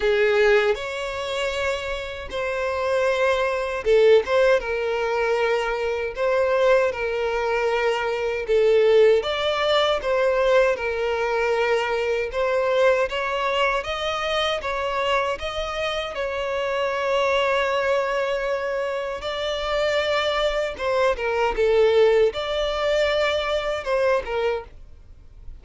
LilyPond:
\new Staff \with { instrumentName = "violin" } { \time 4/4 \tempo 4 = 78 gis'4 cis''2 c''4~ | c''4 a'8 c''8 ais'2 | c''4 ais'2 a'4 | d''4 c''4 ais'2 |
c''4 cis''4 dis''4 cis''4 | dis''4 cis''2.~ | cis''4 d''2 c''8 ais'8 | a'4 d''2 c''8 ais'8 | }